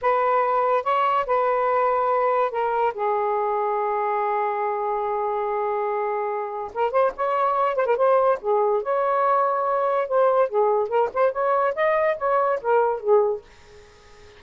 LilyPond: \new Staff \with { instrumentName = "saxophone" } { \time 4/4 \tempo 4 = 143 b'2 cis''4 b'4~ | b'2 ais'4 gis'4~ | gis'1~ | gis'1 |
ais'8 c''8 cis''4. c''16 ais'16 c''4 | gis'4 cis''2. | c''4 gis'4 ais'8 c''8 cis''4 | dis''4 cis''4 ais'4 gis'4 | }